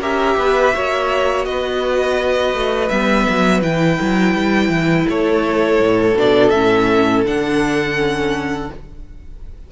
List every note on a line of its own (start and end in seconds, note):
0.00 0.36 C#4
0.00 0.73 G4
0.00 0.37 A#4
0.00 1.45 E5
0.37 0.73 B3
0.37 0.75 B4
0.73 1.46 A#3
0.73 2.90 F#4
0.73 1.48 C#5
1.45 2.54 B3
1.45 5.10 B4
1.45 2.89 D#5
2.54 2.90 A3
2.89 3.27 G3
2.89 3.62 B3
2.89 3.61 E5
3.30 3.63 F#3
3.62 3.99 E3
3.62 6.15 E4
3.62 5.08 G5
4.01 4.35 F#3
4.35 4.69 G3
4.69 5.05 E3
5.09 5.81 A3
5.09 8.71 A4
5.09 6.18 C#5
5.81 6.15 A2
6.15 6.51 B2
6.15 6.53 D4
6.15 6.50 D5
6.50 7.25 A2
6.50 7.25 C#4
6.50 7.22 E5
7.25 8.69 D3
7.25 7.97 D4
7.25 8.72 F#5
7.97 8.69 C#4